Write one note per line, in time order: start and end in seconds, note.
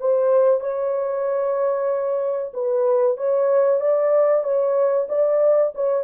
0.00 0.60 C5
0.60 2.52 C#5
2.54 3.17 B4
3.17 3.81 C#5
3.81 4.44 D5
4.44 5.07 C#5
5.09 5.73 D5
5.75 6.04 C#5